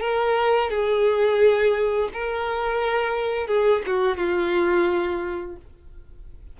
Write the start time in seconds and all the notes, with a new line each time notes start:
0.00 A#4
0.70 G#4
2.13 A#4
3.47 G#4
3.86 F#4
4.17 F4